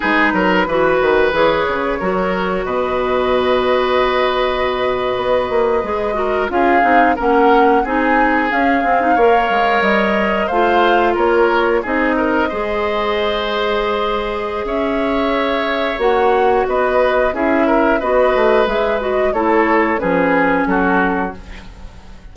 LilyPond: <<
  \new Staff \with { instrumentName = "flute" } { \time 4/4 \tempo 4 = 90 b'2 cis''2 | dis''1~ | dis''4.~ dis''16 f''4 fis''4 gis''16~ | gis''8. f''2 dis''4 f''16~ |
f''8. cis''4 dis''2~ dis''16~ | dis''2 e''2 | fis''4 dis''4 e''4 dis''4 | e''8 dis''8 cis''4 b'4 a'4 | }
  \new Staff \with { instrumentName = "oboe" } { \time 4/4 gis'8 ais'8 b'2 ais'4 | b'1~ | b'4~ b'16 ais'8 gis'4 ais'4 gis'16~ | gis'4.~ gis'16 cis''2 c''16~ |
c''8. ais'4 gis'8 ais'8 c''4~ c''16~ | c''2 cis''2~ | cis''4 b'4 gis'8 ais'8 b'4~ | b'4 a'4 gis'4 fis'4 | }
  \new Staff \with { instrumentName = "clarinet" } { \time 4/4 dis'4 fis'4 gis'4 fis'4~ | fis'1~ | fis'8. gis'8 fis'8 f'8 dis'8 cis'4 dis'16~ | dis'8. cis'8 c'16 dis'16 ais'2 f'16~ |
f'4.~ f'16 dis'4 gis'4~ gis'16~ | gis'1 | fis'2 e'4 fis'4 | gis'8 fis'8 e'4 cis'2 | }
  \new Staff \with { instrumentName = "bassoon" } { \time 4/4 gis8 fis8 e8 dis8 e8 cis8 fis4 | b,2.~ b,8. b16~ | b16 ais8 gis4 cis'8 c'8 ais4 c'16~ | c'8. cis'8 c'8 ais8 gis8 g4 a16~ |
a8. ais4 c'4 gis4~ gis16~ | gis2 cis'2 | ais4 b4 cis'4 b8 a8 | gis4 a4 f4 fis4 | }
>>